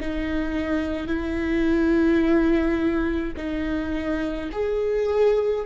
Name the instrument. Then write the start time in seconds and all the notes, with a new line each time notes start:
viola
0.00 D#4
1.08 E4
3.37 D#4
4.52 G#4